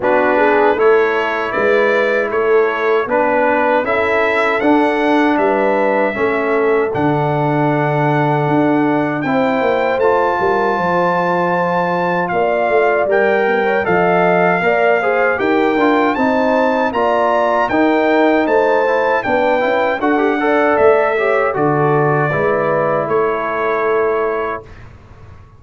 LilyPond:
<<
  \new Staff \with { instrumentName = "trumpet" } { \time 4/4 \tempo 4 = 78 b'4 cis''4 d''4 cis''4 | b'4 e''4 fis''4 e''4~ | e''4 fis''2. | g''4 a''2. |
f''4 g''4 f''2 | g''4 a''4 ais''4 g''4 | a''4 g''4 fis''4 e''4 | d''2 cis''2 | }
  \new Staff \with { instrumentName = "horn" } { \time 4/4 fis'8 gis'8 a'4 b'4 a'4 | b'4 a'2 b'4 | a'1 | c''4. ais'8 c''2 |
d''4. b16 cis''16 dis''4 d''8 c''8 | ais'4 c''4 d''4 ais'4 | c''4 b'4 a'8 d''4 cis''8 | a'4 b'4 a'2 | }
  \new Staff \with { instrumentName = "trombone" } { \time 4/4 d'4 e'2. | d'4 e'4 d'2 | cis'4 d'2. | e'4 f'2.~ |
f'4 ais'4 a'4 ais'8 gis'8 | g'8 f'8 dis'4 f'4 dis'4~ | dis'8 e'8 d'8 e'8 fis'16 g'16 a'4 g'8 | fis'4 e'2. | }
  \new Staff \with { instrumentName = "tuba" } { \time 4/4 b4 a4 gis4 a4 | b4 cis'4 d'4 g4 | a4 d2 d'4 | c'8 ais8 a8 g8 f2 |
ais8 a8 g4 f4 ais4 | dis'8 d'8 c'4 ais4 dis'4 | a4 b8 cis'8 d'4 a4 | d4 gis4 a2 | }
>>